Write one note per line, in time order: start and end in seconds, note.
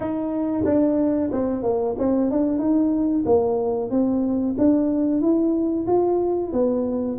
0.00 0.63 D#4
0.65 1.30 D4
1.32 1.62 C4
1.62 1.95 A#3
1.98 2.30 C4
2.30 2.58 D4
2.58 3.23 D#4
3.25 3.90 A#3
3.90 4.55 C4
4.58 5.21 D4
5.21 5.86 E4
5.86 6.52 F4
6.52 7.18 B3